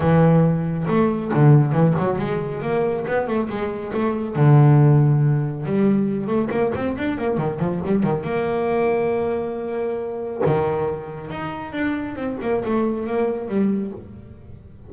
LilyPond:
\new Staff \with { instrumentName = "double bass" } { \time 4/4 \tempo 4 = 138 e2 a4 d4 | e8 fis8 gis4 ais4 b8 a8 | gis4 a4 d2~ | d4 g4. a8 ais8 c'8 |
d'8 ais8 dis8 f8 g8 dis8 ais4~ | ais1 | dis2 dis'4 d'4 | c'8 ais8 a4 ais4 g4 | }